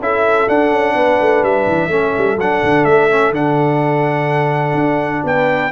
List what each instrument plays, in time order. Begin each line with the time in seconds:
0.00 tuba C#4, trombone E4, horn A4, trumpet E5
0.48 trombone D4, tuba D4, trumpet F#5
0.71 tuba C#4
0.95 tuba B3, horn B4
1.21 tuba A3
1.43 tuba G3, trumpet E5
1.67 tuba E3
1.88 tuba A3, trombone C#4, horn A4
2.18 tuba G3
2.37 tuba F#3, trombone D4, trumpet F#5
2.63 tuba D3
2.85 tuba A3, trumpet E5
3.10 trombone C#4
3.31 tuba D3, trombone D4, trumpet F#5
4.75 tuba D4
5.24 tuba B3, horn B4, trumpet G5